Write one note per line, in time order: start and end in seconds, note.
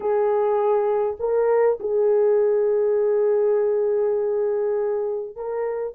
0.00 1.17 G#4
1.19 1.78 A#4
1.80 5.36 G#4
5.36 5.94 A#4